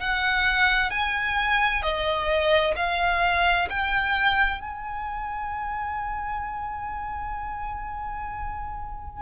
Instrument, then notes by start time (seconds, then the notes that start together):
violin
0.00 F#5
0.90 G#5
1.82 D#5
2.76 F5
3.69 G5
4.61 G#5